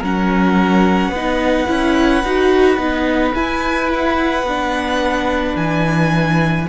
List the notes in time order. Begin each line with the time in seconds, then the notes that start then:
0.00 F#3 C#4 A#4 F#5
1.09 B3 B4
1.16 D#4
1.67 C#4 E4
2.24 D#4 F#4
2.77 B3 D#4
3.34 E4 G#5
3.94 F#5
4.43 B3 D4
5.56 E3 G#5